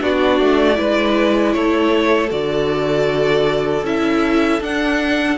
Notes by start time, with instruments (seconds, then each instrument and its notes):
0.00 cello B3, viola D4, violin F#4 D5
0.40 cello A3
0.75 cello G#3, viola E4, violin B4
1.53 cello A3, violin A4 C#5
2.30 cello D3, viola F#4, violin D5
3.83 cello C#4, viola E4, violin E5
4.60 cello D4, viola D4, violin F#5